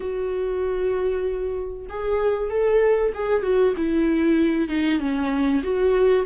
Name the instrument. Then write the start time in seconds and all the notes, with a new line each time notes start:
viola
0.00 F#4
1.89 G#4
2.50 A4
3.14 G#4
3.42 F#4
3.77 E4
4.68 D#4
4.99 C#4
5.63 F#4